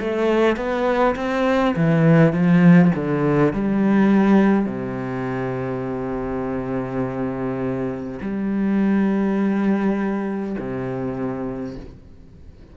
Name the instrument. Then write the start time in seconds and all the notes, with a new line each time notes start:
cello
0.00 A3
0.56 B3
1.16 C4
1.76 E3
2.33 F3
2.95 D3
3.53 G3
4.66 C3
8.21 G3
10.59 C3